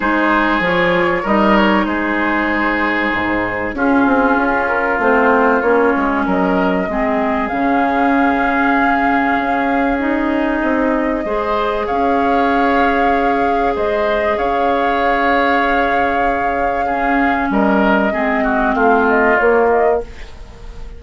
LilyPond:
<<
  \new Staff \with { instrumentName = "flute" } { \time 4/4 \tempo 4 = 96 c''4 cis''4 dis''8 cis''8 c''4~ | c''2 gis'4. ais'8 | c''4 cis''4 dis''2 | f''1 |
dis''2. f''4~ | f''2 dis''4 f''4~ | f''1 | dis''2 f''8 dis''8 cis''8 dis''8 | }
  \new Staff \with { instrumentName = "oboe" } { \time 4/4 gis'2 ais'4 gis'4~ | gis'2 f'2~ | f'2 ais'4 gis'4~ | gis'1~ |
gis'2 c''4 cis''4~ | cis''2 c''4 cis''4~ | cis''2. gis'4 | ais'4 gis'8 fis'8 f'2 | }
  \new Staff \with { instrumentName = "clarinet" } { \time 4/4 dis'4 f'4 dis'2~ | dis'2 cis'2 | c'4 cis'2 c'4 | cis'1 |
dis'2 gis'2~ | gis'1~ | gis'2. cis'4~ | cis'4 c'2 ais4 | }
  \new Staff \with { instrumentName = "bassoon" } { \time 4/4 gis4 f4 g4 gis4~ | gis4 gis,4 cis'8 c'8 cis'4 | a4 ais8 gis8 fis4 gis4 | cis2. cis'4~ |
cis'4 c'4 gis4 cis'4~ | cis'2 gis4 cis'4~ | cis'1 | g4 gis4 a4 ais4 | }
>>